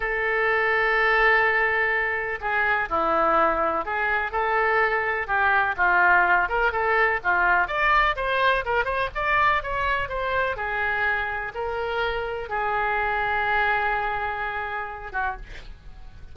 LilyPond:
\new Staff \with { instrumentName = "oboe" } { \time 4/4 \tempo 4 = 125 a'1~ | a'4 gis'4 e'2 | gis'4 a'2 g'4 | f'4. ais'8 a'4 f'4 |
d''4 c''4 ais'8 c''8 d''4 | cis''4 c''4 gis'2 | ais'2 gis'2~ | gis'2.~ gis'8 fis'8 | }